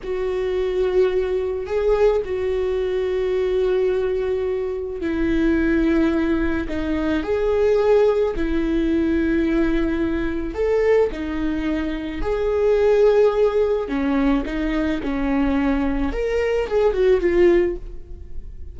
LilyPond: \new Staff \with { instrumentName = "viola" } { \time 4/4 \tempo 4 = 108 fis'2. gis'4 | fis'1~ | fis'4 e'2. | dis'4 gis'2 e'4~ |
e'2. a'4 | dis'2 gis'2~ | gis'4 cis'4 dis'4 cis'4~ | cis'4 ais'4 gis'8 fis'8 f'4 | }